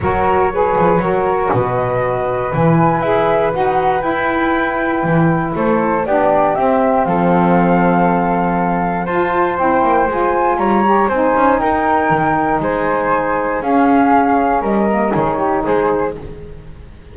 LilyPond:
<<
  \new Staff \with { instrumentName = "flute" } { \time 4/4 \tempo 4 = 119 cis''2. dis''4~ | dis''4 gis''4 e''4 fis''4 | g''2. c''4 | d''4 e''4 f''2~ |
f''2 a''4 g''4 | gis''4 ais''4 gis''4 g''4~ | g''4 gis''2 f''4~ | f''4 dis''4 cis''4 c''4 | }
  \new Staff \with { instrumentName = "flute" } { \time 4/4 ais'4 b'4 ais'4 b'4~ | b'1~ | b'2. a'4 | g'2 a'2~ |
a'2 c''2~ | c''4 cis''4 c''4 ais'4~ | ais'4 c''2 gis'4~ | gis'4 ais'4 gis'8 g'8 gis'4 | }
  \new Staff \with { instrumentName = "saxophone" } { \time 4/4 fis'4 gis'4 fis'2~ | fis'4 e'4 gis'4 fis'4 | e'1 | d'4 c'2.~ |
c'2 f'4 e'4 | f'4. g'8 dis'2~ | dis'2. cis'4~ | cis'4. ais8 dis'2 | }
  \new Staff \with { instrumentName = "double bass" } { \time 4/4 fis4. f8 fis4 b,4~ | b,4 e4 e'4 dis'4 | e'2 e4 a4 | b4 c'4 f2~ |
f2 f'4 c'8 ais8 | gis4 g4 c'8 cis'8 dis'4 | dis4 gis2 cis'4~ | cis'4 g4 dis4 gis4 | }
>>